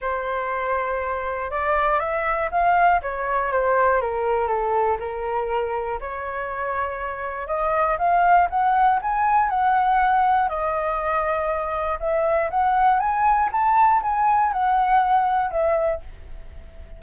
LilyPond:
\new Staff \with { instrumentName = "flute" } { \time 4/4 \tempo 4 = 120 c''2. d''4 | e''4 f''4 cis''4 c''4 | ais'4 a'4 ais'2 | cis''2. dis''4 |
f''4 fis''4 gis''4 fis''4~ | fis''4 dis''2. | e''4 fis''4 gis''4 a''4 | gis''4 fis''2 e''4 | }